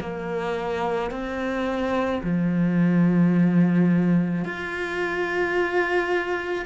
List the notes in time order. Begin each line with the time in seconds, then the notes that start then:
0.00 A#3
1.11 C4
2.23 F3
4.44 F4